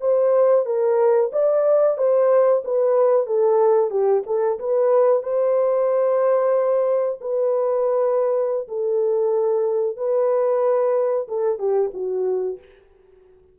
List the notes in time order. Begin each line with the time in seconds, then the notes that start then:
0.00 C5
0.65 A#4
1.32 D5
1.97 C5
2.64 B4
3.26 A4
3.90 G4
4.26 A4
4.59 B4
5.23 C5
7.20 B4
8.67 A4
9.96 B4
11.27 A4
11.58 G4
11.93 F#4